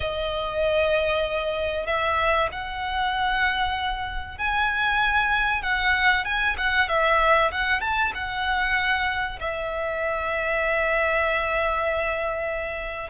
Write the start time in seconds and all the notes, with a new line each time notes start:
0.00 D#5
1.86 E5
2.52 F#5
4.38 G#5
5.62 F#5
6.24 G#5
6.57 F#5
6.88 E5
7.51 F#5
7.81 A5
8.14 F#5
9.39 E5